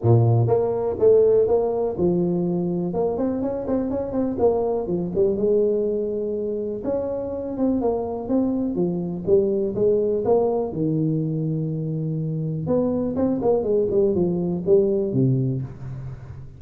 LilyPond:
\new Staff \with { instrumentName = "tuba" } { \time 4/4 \tempo 4 = 123 ais,4 ais4 a4 ais4 | f2 ais8 c'8 cis'8 c'8 | cis'8 c'8 ais4 f8 g8 gis4~ | gis2 cis'4. c'8 |
ais4 c'4 f4 g4 | gis4 ais4 dis2~ | dis2 b4 c'8 ais8 | gis8 g8 f4 g4 c4 | }